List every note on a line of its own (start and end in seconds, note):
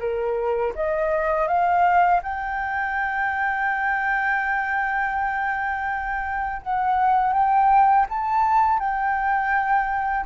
0.00 0.73 A#4
0.75 1.48 D#5
1.48 2.21 F5
2.23 6.62 G5
6.63 7.33 F#5
7.33 8.06 G5
8.10 8.79 A5
8.79 10.26 G5